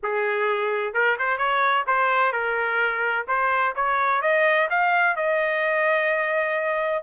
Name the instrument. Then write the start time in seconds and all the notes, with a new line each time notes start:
trumpet
0.03 G#4
0.93 A#4
1.18 C5
1.37 C#5
1.86 C5
2.32 A#4
3.27 C5
3.75 C#5
4.21 D#5
4.70 F5
5.16 D#5